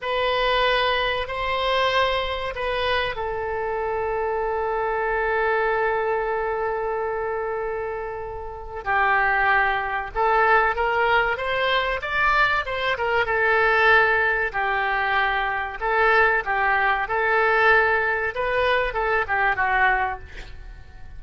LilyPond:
\new Staff \with { instrumentName = "oboe" } { \time 4/4 \tempo 4 = 95 b'2 c''2 | b'4 a'2.~ | a'1~ | a'2 g'2 |
a'4 ais'4 c''4 d''4 | c''8 ais'8 a'2 g'4~ | g'4 a'4 g'4 a'4~ | a'4 b'4 a'8 g'8 fis'4 | }